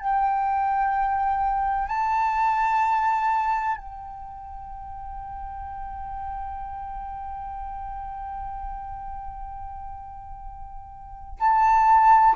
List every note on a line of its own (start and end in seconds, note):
0.00 1.89 G5
1.89 3.77 A5
3.77 11.39 G5
11.40 12.35 A5